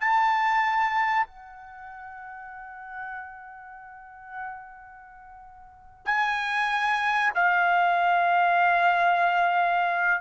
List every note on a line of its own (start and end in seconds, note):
0.00 1.27 A5
1.27 6.06 F#5
6.06 7.33 G#5
7.35 10.21 F5